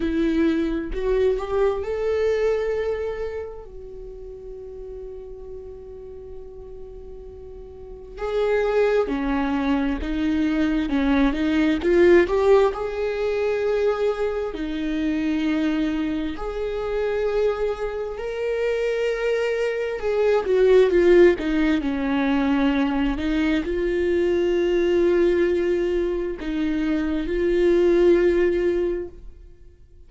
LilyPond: \new Staff \with { instrumentName = "viola" } { \time 4/4 \tempo 4 = 66 e'4 fis'8 g'8 a'2 | fis'1~ | fis'4 gis'4 cis'4 dis'4 | cis'8 dis'8 f'8 g'8 gis'2 |
dis'2 gis'2 | ais'2 gis'8 fis'8 f'8 dis'8 | cis'4. dis'8 f'2~ | f'4 dis'4 f'2 | }